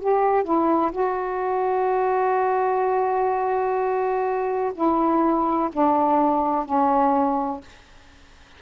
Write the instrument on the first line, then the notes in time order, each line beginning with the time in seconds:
saxophone
0.00 G4
0.44 E4
0.92 F#4
4.75 E4
5.73 D4
6.65 C#4